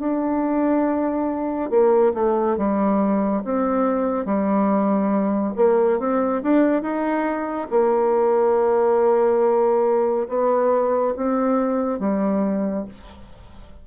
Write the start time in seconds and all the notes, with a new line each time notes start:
0.00 D4
1.71 A#3
2.15 A3
2.58 G3
3.45 C4
4.25 G3
5.57 A#3
6.00 C4
6.43 D4
6.83 D#4
7.71 A#3
10.29 B3
11.17 C4
12.00 G3